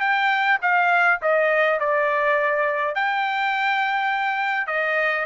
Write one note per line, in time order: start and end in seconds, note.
0.00 0.58 G5
0.61 1.20 F5
1.21 1.80 D#5
1.80 2.95 D5
2.95 4.67 G5
4.67 5.25 D#5